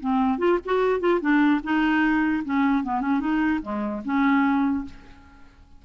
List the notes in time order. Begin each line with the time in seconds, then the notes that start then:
0.00 C4
0.39 F4
0.65 F#4
1.00 F4
1.21 D4
1.64 D#4
2.45 C#4
2.84 B3
3.01 C#4
3.20 D#4
3.62 G#3
4.05 C#4